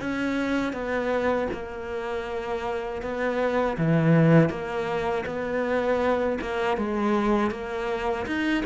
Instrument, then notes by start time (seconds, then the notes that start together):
cello
0.00 C#4
0.73 B3
1.53 A#3
3.02 B3
3.78 E3
4.50 A#3
5.26 B3
6.41 A#3
6.78 G#3
7.51 A#3
8.27 D#4